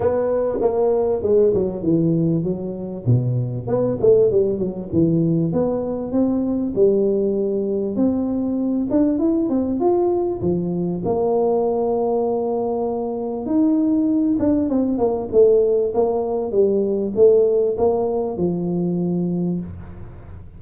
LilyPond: \new Staff \with { instrumentName = "tuba" } { \time 4/4 \tempo 4 = 98 b4 ais4 gis8 fis8 e4 | fis4 b,4 b8 a8 g8 fis8 | e4 b4 c'4 g4~ | g4 c'4. d'8 e'8 c'8 |
f'4 f4 ais2~ | ais2 dis'4. d'8 | c'8 ais8 a4 ais4 g4 | a4 ais4 f2 | }